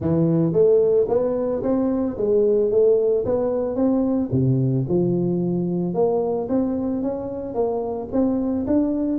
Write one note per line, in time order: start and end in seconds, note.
0.00 0.53 E3
0.53 1.07 A3
1.08 1.62 B3
1.62 2.16 C4
2.17 2.70 G#3
2.70 3.24 A3
3.25 3.75 B3
3.75 4.29 C4
4.31 4.85 C3
4.88 5.94 F3
5.94 6.48 A#3
6.48 7.02 C4
7.02 7.54 C#4
7.54 8.08 A#3
8.12 8.66 C4
8.66 9.18 D4